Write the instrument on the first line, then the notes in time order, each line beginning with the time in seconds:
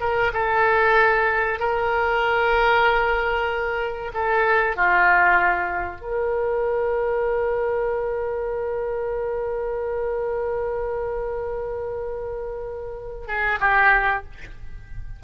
oboe
0.00 A#4
0.33 A4
1.59 A#4
4.14 A4
4.76 F4
6.01 A#4
13.27 G#4
13.60 G4